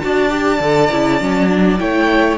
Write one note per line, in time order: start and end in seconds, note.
0.00 0.60 D4
0.00 0.29 F#4
0.00 1.81 D5
0.00 1.78 A5
0.29 0.59 G4
0.60 0.90 D3
0.60 0.91 A4
0.91 1.21 C#3
0.91 1.21 E4
1.21 1.80 F#3
1.21 1.49 C#4
1.49 1.78 D4
1.78 2.38 A3
1.78 2.38 E4
1.78 2.38 C#5
1.78 2.38 G5